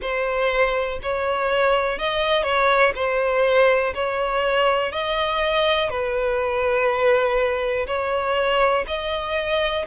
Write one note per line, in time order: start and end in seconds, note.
0.01 0.99 C5
1.02 1.99 C#5
1.99 2.43 D#5
2.43 2.92 C#5
2.95 3.93 C5
3.94 4.92 C#5
4.92 5.89 D#5
5.89 7.86 B4
7.86 8.85 C#5
8.87 9.85 D#5